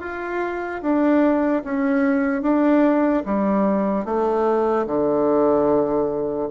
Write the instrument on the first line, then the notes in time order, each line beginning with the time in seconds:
bassoon
0.00 F4
0.81 D4
1.64 C#4
2.42 D4
3.25 G3
4.05 A3
4.86 D3